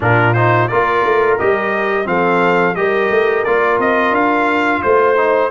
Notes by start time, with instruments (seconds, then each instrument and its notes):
0.00 tuba A#2, trombone D4, horn F4, trumpet A#4
0.33 trombone D#4, trumpet C5
0.68 tuba A#3, trombone F4, horn A#4, trumpet D5
1.04 tuba A3
1.38 tuba G3, trombone G4, trumpet D#5
2.04 tuba F3, trombone C4, horn A4, trumpet F5
2.75 tuba G3, trombone G4, horn A#4, trumpet D#5
3.10 tuba A3
3.44 tuba A#3, trombone F4, trumpet D5
3.78 tuba C4, trumpet D#5
4.11 tuba D4, trumpet F5
4.82 tuba A3, trumpet C5, horn C5
5.16 trombone D#4